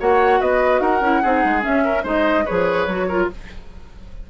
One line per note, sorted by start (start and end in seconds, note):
0.00 0.40 A#3
0.00 1.03 F#4
0.00 0.40 C#5
0.00 0.41 F#5
0.40 0.80 B3
0.40 0.81 B4
0.40 0.80 D#5
0.80 1.01 D#4
0.80 1.22 A#4
0.80 1.63 F#5
1.01 1.21 C#4
1.01 1.23 E4
1.22 1.45 C4
1.22 1.61 D#4
1.22 1.84 G#4
1.45 1.65 G#3
1.61 2.02 C#4
1.61 2.04 C#4
1.61 2.05 E5
1.85 2.03 A#4
2.03 2.45 G#3
2.03 2.44 D#4
2.03 2.44 C5
2.03 2.46 D#5
2.45 2.87 F3
2.45 2.88 G#4
2.45 3.07 B4
2.45 3.29 C#5
2.87 3.28 F#3
2.87 3.10 F#4
3.08 3.31 F4
3.08 3.29 A#4